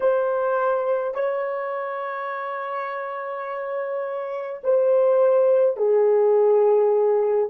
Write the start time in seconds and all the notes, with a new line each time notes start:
0.00 C5
1.14 C#5
4.63 C5
5.76 G#4